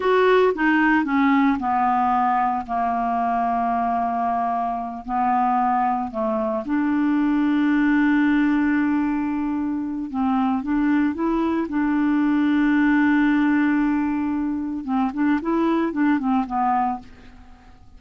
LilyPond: \new Staff \with { instrumentName = "clarinet" } { \time 4/4 \tempo 4 = 113 fis'4 dis'4 cis'4 b4~ | b4 ais2.~ | ais4. b2 a8~ | a8 d'2.~ d'8~ |
d'2. c'4 | d'4 e'4 d'2~ | d'1 | c'8 d'8 e'4 d'8 c'8 b4 | }